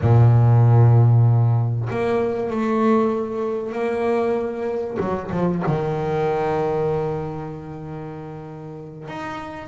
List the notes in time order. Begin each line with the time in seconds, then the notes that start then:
0.01 A#2
1.89 A#3
2.50 A3
3.72 A#3
4.99 F#3
5.31 F3
5.66 D#3
9.08 D#4